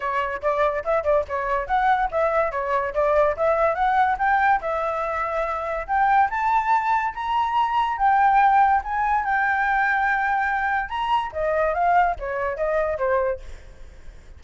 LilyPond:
\new Staff \with { instrumentName = "flute" } { \time 4/4 \tempo 4 = 143 cis''4 d''4 e''8 d''8 cis''4 | fis''4 e''4 cis''4 d''4 | e''4 fis''4 g''4 e''4~ | e''2 g''4 a''4~ |
a''4 ais''2 g''4~ | g''4 gis''4 g''2~ | g''2 ais''4 dis''4 | f''4 cis''4 dis''4 c''4 | }